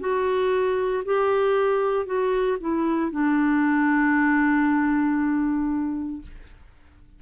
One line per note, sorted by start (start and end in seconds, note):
0.00 1.03 F#4
1.05 2.05 G4
2.05 2.57 F#4
2.60 3.11 E4
3.11 6.22 D4